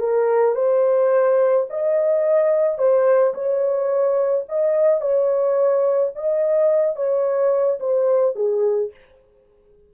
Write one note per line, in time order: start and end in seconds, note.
0.00 0.56 A#4
0.56 1.67 C5
1.70 2.79 D#5
2.79 3.34 C5
3.35 4.46 C#5
4.49 5.02 D#5
5.02 6.13 C#5
6.16 6.96 D#5
6.96 7.80 C#5
7.80 8.36 C5
8.36 8.91 G#4